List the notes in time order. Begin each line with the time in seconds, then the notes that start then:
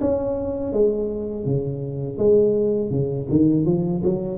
0.00 C#4
0.72 G#3
1.45 C#3
2.17 G#3
2.90 C#3
3.30 D#3
3.65 F3
4.03 F#3